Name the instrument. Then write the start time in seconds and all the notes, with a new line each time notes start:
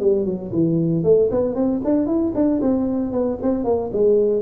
tuba
0.00 G3
0.25 F#3
0.52 E3
1.04 A3
1.31 B3
1.55 C4
1.85 D4
2.07 E4
2.35 D4
2.62 C4
3.12 B3
3.42 C4
3.65 A#3
3.93 G#3